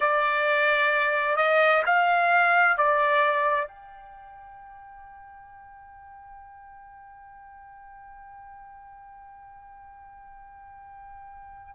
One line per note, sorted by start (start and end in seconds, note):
0.00 1.36 D5
1.36 1.82 D#5
1.85 2.77 F5
2.77 3.67 D5
3.67 11.75 G5